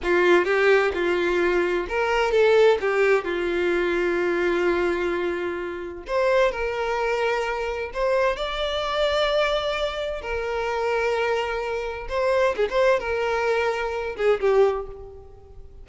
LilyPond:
\new Staff \with { instrumentName = "violin" } { \time 4/4 \tempo 4 = 129 f'4 g'4 f'2 | ais'4 a'4 g'4 f'4~ | f'1~ | f'4 c''4 ais'2~ |
ais'4 c''4 d''2~ | d''2 ais'2~ | ais'2 c''4 gis'16 c''8. | ais'2~ ais'8 gis'8 g'4 | }